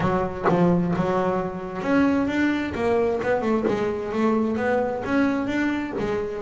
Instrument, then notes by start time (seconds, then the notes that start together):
double bass
0.00 F#3
0.48 F3
0.95 F#3
1.82 C#4
2.27 D4
2.74 A#3
3.22 B3
3.41 A3
3.68 G#3
4.12 A3
4.57 B3
5.04 C#4
5.46 D4
5.99 G#3